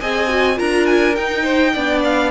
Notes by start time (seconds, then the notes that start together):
0.00 C4 G#4 D#5 G#5
0.29 F#4
0.56 D4 F4 A#4 A#5
0.86 G#5
1.15 D#4 G5
1.43 C5
1.73 B3 D4 D5
2.04 F5